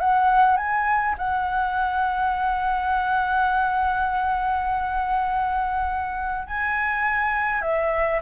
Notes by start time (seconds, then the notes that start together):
0.00 F#5
0.57 G#5
1.18 F#5
6.47 G#5
7.62 E5